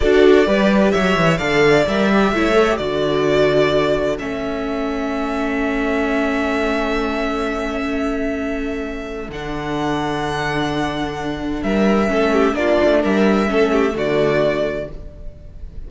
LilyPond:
<<
  \new Staff \with { instrumentName = "violin" } { \time 4/4 \tempo 4 = 129 d''2 e''4 f''4 | e''2 d''2~ | d''4 e''2.~ | e''1~ |
e''1 | fis''1~ | fis''4 e''2 d''4 | e''2 d''2 | }
  \new Staff \with { instrumentName = "violin" } { \time 4/4 a'4 b'4 cis''4 d''4~ | d''4 cis''4 a'2~ | a'1~ | a'1~ |
a'1~ | a'1~ | a'4 ais'4 a'8 g'8 f'4 | ais'4 a'8 g'8 fis'2 | }
  \new Staff \with { instrumentName = "viola" } { \time 4/4 fis'4 g'2 a'4 | ais'8 g'8 e'8 a'16 g'16 fis'2~ | fis'4 cis'2.~ | cis'1~ |
cis'1 | d'1~ | d'2 cis'4 d'4~ | d'4 cis'4 a2 | }
  \new Staff \with { instrumentName = "cello" } { \time 4/4 d'4 g4 fis8 e8 d4 | g4 a4 d2~ | d4 a2.~ | a1~ |
a1 | d1~ | d4 g4 a4 ais8 a8 | g4 a4 d2 | }
>>